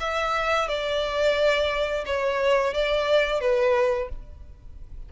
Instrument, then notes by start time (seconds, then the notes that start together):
violin
0.00 E5
0.68 D5
2.06 C#5
2.74 D5
3.41 B4